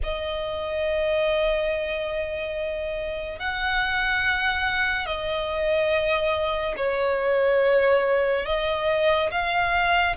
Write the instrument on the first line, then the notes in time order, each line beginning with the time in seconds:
violin
0.03 D#5
3.39 F#5
5.06 D#5
6.76 C#5
8.45 D#5
9.31 F5